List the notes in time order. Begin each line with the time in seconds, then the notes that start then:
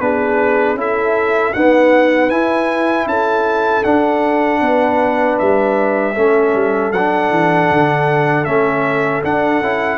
0.00 B3 D4 G#4 B4
0.74 C#4 E4 A4 E5
1.53 B3 D#4 B4 F#5
2.30 E4 G#5
3.06 C#4 A4 A5
3.84 D4 F#5
4.61 B3 B4
5.38 G3 E5
6.14 A3 C#4 A4
6.54 G3
6.92 F#3 D4 F#5
7.30 E3
7.71 D3
8.45 A3 C#4 E5
9.23 D4 F#5
9.61 C#4 E4